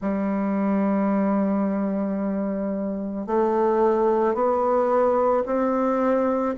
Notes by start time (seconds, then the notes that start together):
0.00 G3
3.27 A3
4.34 B3
5.45 C4